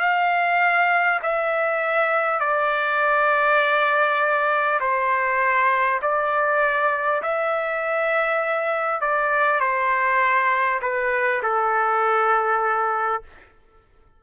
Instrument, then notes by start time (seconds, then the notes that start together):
trumpet
0.00 F5
1.23 E5
2.40 D5
4.81 C5
6.02 D5
7.22 E5
9.01 D5
9.61 C5
10.82 B4
11.43 A4